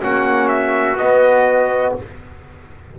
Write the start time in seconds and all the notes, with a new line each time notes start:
0.00 A#3 C#4 F#4 F#5
0.48 E5
0.95 B3 D#5
1.02 B3